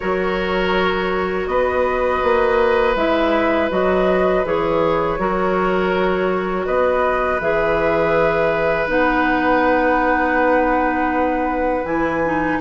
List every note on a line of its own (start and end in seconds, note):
0.00 1.46 F#3
0.00 2.96 F#4
0.00 1.49 A#4
0.00 1.47 C#5
1.46 2.20 B3
1.46 5.20 B4
1.46 2.95 D#5
2.23 2.95 A#3
2.95 3.69 G#3
2.95 3.70 E4
2.95 3.70 E5
3.70 4.44 F#3
3.70 4.44 F#4
3.70 4.45 D#5
4.44 5.18 E3
4.44 5.18 G#4
4.44 6.66 C#5
5.18 6.66 F#3
5.18 7.40 F#4
5.18 6.66 A#4
6.66 7.40 B3
6.66 12.58 B4
6.66 7.40 D#5
7.40 8.87 E3
7.40 8.87 G#4
7.40 8.89 E5
8.87 11.84 B3
8.87 11.83 D#4
8.87 11.85 F#5
11.83 12.59 E3
11.83 12.21 E4
11.83 12.59 G#5
12.24 12.60 D#4